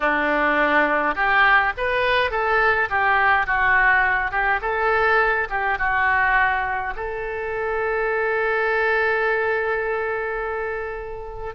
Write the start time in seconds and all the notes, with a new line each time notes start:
0.00 D4
1.15 G4
1.77 B4
2.31 A4
2.89 G4
3.46 F#4
4.31 G4
4.61 A4
5.49 G4
5.78 F#4
6.95 A4